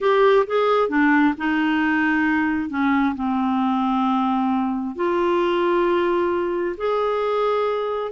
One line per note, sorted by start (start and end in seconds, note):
0.01 0.46 G4
0.46 0.89 G#4
0.89 1.34 D4
1.37 2.69 D#4
2.69 3.14 C#4
3.15 4.95 C4
4.95 6.76 F4
6.77 8.11 G#4